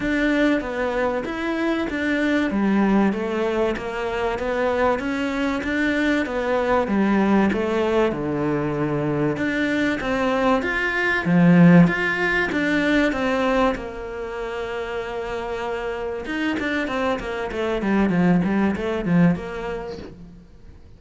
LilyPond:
\new Staff \with { instrumentName = "cello" } { \time 4/4 \tempo 4 = 96 d'4 b4 e'4 d'4 | g4 a4 ais4 b4 | cis'4 d'4 b4 g4 | a4 d2 d'4 |
c'4 f'4 f4 f'4 | d'4 c'4 ais2~ | ais2 dis'8 d'8 c'8 ais8 | a8 g8 f8 g8 a8 f8 ais4 | }